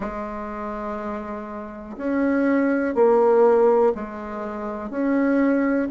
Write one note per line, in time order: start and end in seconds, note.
0.00 1.96 G#3
1.97 2.94 C#4
2.94 3.93 A#3
3.94 4.90 G#3
4.90 5.88 C#4